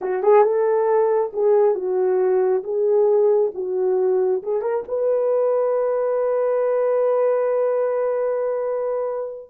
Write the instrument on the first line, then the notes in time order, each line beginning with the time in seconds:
horn
0.01 F#4
0.22 G#4
0.43 A4
1.33 G#4
1.74 F#4
2.63 G#4
3.54 F#4
4.43 G#4
4.61 A#4
4.87 B4